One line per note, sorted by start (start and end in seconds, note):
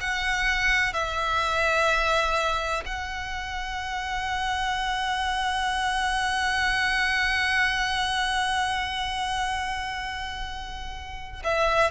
0.00 0.93 F#5
0.93 2.84 E5
2.85 11.42 F#5
11.44 11.90 E5